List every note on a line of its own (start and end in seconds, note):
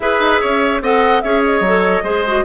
0.00 0.19 E4
0.00 0.82 G#4
0.00 0.41 B4
0.00 0.82 E5
0.19 0.40 D#4
0.41 0.81 C#4
0.41 0.81 C#5
0.81 1.21 C4
0.81 1.23 A4
0.81 1.23 D#5
0.81 1.21 F#5
1.21 1.60 C#4
1.21 1.64 G#4
1.21 2.03 C#5
1.21 1.41 E5
1.43 2.44 D#5
1.60 2.01 F#3
1.60 2.04 A4
2.03 2.44 G#3
2.03 2.24 G#4
2.03 2.44 C5
2.26 2.44 F#4